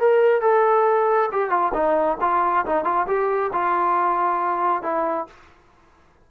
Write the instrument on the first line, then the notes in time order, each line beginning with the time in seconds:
trombone
0.00 A#4
0.41 A4
1.32 G4
1.50 F4
1.74 D#4
2.21 F4
2.66 D#4
2.84 F4
3.07 G4
3.53 F4
4.83 E4